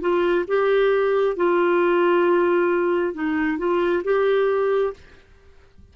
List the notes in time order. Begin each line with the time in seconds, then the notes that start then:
0.00 F4
0.47 G4
1.36 F4
3.13 D#4
3.58 F4
4.04 G4